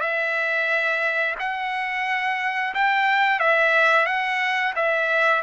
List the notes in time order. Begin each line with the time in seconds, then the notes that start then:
0.00 E5
1.39 F#5
2.74 G5
3.39 E5
4.06 F#5
4.75 E5